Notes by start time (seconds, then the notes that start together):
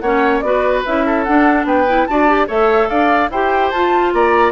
0.00 A#3 C#4 C#5 F#5
0.40 B3 F#4 D5
0.46 B4
0.86 C#4 E4 E5
1.06 A4
1.24 D4 F#5
1.65 B3 B4 G5
1.87 E4
2.06 D4 F#4 D5 A5
2.28 G4
2.47 A3 A4 C#5 E5
2.89 D4 D5 F5
3.30 E4 G4 C5 G5
3.71 F4 A5
4.13 A#3 D5 A#5